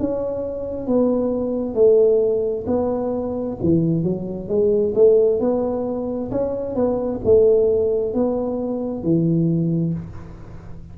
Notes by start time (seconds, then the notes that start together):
0.00 C#4
0.87 B3
1.75 A3
2.67 B3
3.63 E3
4.03 F#3
4.49 G#3
4.95 A3
5.40 B3
6.32 C#4
6.75 B3
7.25 A3
8.14 B3
9.03 E3